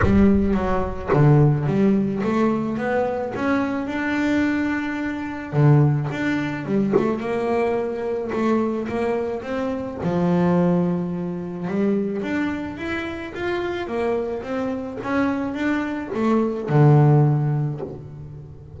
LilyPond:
\new Staff \with { instrumentName = "double bass" } { \time 4/4 \tempo 4 = 108 g4 fis4 d4 g4 | a4 b4 cis'4 d'4~ | d'2 d4 d'4 | g8 a8 ais2 a4 |
ais4 c'4 f2~ | f4 g4 d'4 e'4 | f'4 ais4 c'4 cis'4 | d'4 a4 d2 | }